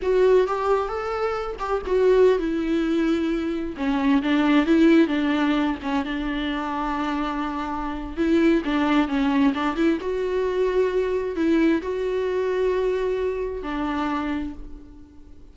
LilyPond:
\new Staff \with { instrumentName = "viola" } { \time 4/4 \tempo 4 = 132 fis'4 g'4 a'4. g'8 | fis'4~ fis'16 e'2~ e'8.~ | e'16 cis'4 d'4 e'4 d'8.~ | d'8. cis'8 d'2~ d'8.~ |
d'2 e'4 d'4 | cis'4 d'8 e'8 fis'2~ | fis'4 e'4 fis'2~ | fis'2 d'2 | }